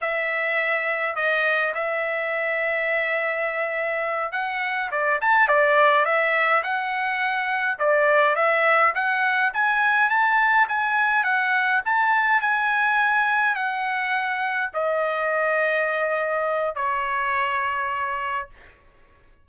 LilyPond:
\new Staff \with { instrumentName = "trumpet" } { \time 4/4 \tempo 4 = 104 e''2 dis''4 e''4~ | e''2.~ e''8 fis''8~ | fis''8 d''8 a''8 d''4 e''4 fis''8~ | fis''4. d''4 e''4 fis''8~ |
fis''8 gis''4 a''4 gis''4 fis''8~ | fis''8 a''4 gis''2 fis''8~ | fis''4. dis''2~ dis''8~ | dis''4 cis''2. | }